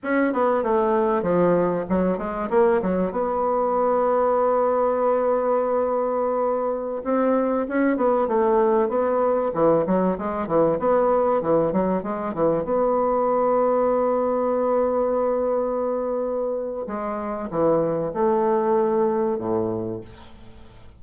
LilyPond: \new Staff \with { instrumentName = "bassoon" } { \time 4/4 \tempo 4 = 96 cis'8 b8 a4 f4 fis8 gis8 | ais8 fis8 b2.~ | b2.~ b16 c'8.~ | c'16 cis'8 b8 a4 b4 e8 fis16~ |
fis16 gis8 e8 b4 e8 fis8 gis8 e16~ | e16 b2.~ b8.~ | b2. gis4 | e4 a2 a,4 | }